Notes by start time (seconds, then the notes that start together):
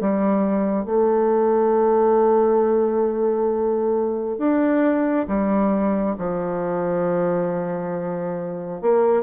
0.00 G3
0.85 A3
4.38 D4
5.27 G3
6.18 F3
8.81 A#3